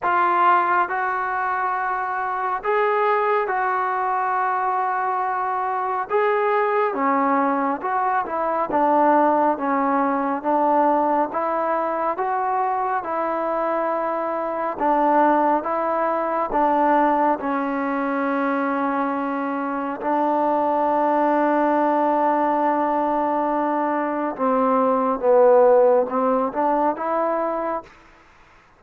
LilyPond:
\new Staff \with { instrumentName = "trombone" } { \time 4/4 \tempo 4 = 69 f'4 fis'2 gis'4 | fis'2. gis'4 | cis'4 fis'8 e'8 d'4 cis'4 | d'4 e'4 fis'4 e'4~ |
e'4 d'4 e'4 d'4 | cis'2. d'4~ | d'1 | c'4 b4 c'8 d'8 e'4 | }